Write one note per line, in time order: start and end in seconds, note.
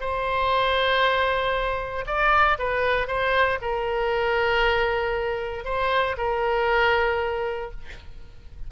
0.00 2.05 C5
2.06 2.58 D5
2.59 3.07 B4
3.07 3.59 C5
3.61 5.65 A#4
5.65 6.16 C5
6.17 7.71 A#4